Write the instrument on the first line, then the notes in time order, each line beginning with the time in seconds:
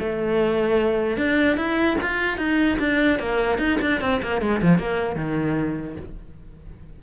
cello
0.00 A3
1.17 D4
1.57 E4
2.02 F4
2.38 D#4
2.79 D4
3.20 A#3
3.59 D#4
3.81 D4
4.01 C4
4.22 A#3
4.41 G#3
4.62 F3
4.79 A#3
5.16 D#3